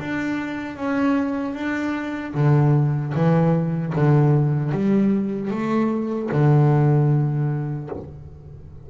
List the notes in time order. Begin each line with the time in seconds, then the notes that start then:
0.00 D4
0.77 C#4
1.55 D4
2.34 D3
3.15 E3
3.96 D3
4.72 G3
5.51 A3
6.32 D3